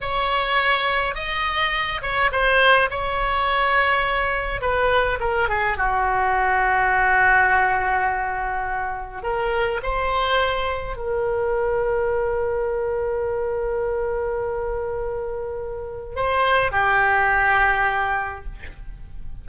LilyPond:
\new Staff \with { instrumentName = "oboe" } { \time 4/4 \tempo 4 = 104 cis''2 dis''4. cis''8 | c''4 cis''2. | b'4 ais'8 gis'8 fis'2~ | fis'1 |
ais'4 c''2 ais'4~ | ais'1~ | ais'1 | c''4 g'2. | }